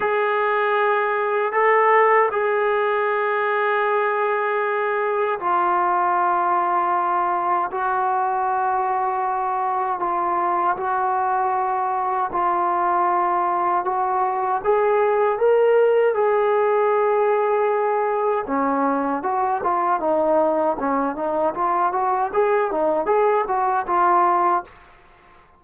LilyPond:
\new Staff \with { instrumentName = "trombone" } { \time 4/4 \tempo 4 = 78 gis'2 a'4 gis'4~ | gis'2. f'4~ | f'2 fis'2~ | fis'4 f'4 fis'2 |
f'2 fis'4 gis'4 | ais'4 gis'2. | cis'4 fis'8 f'8 dis'4 cis'8 dis'8 | f'8 fis'8 gis'8 dis'8 gis'8 fis'8 f'4 | }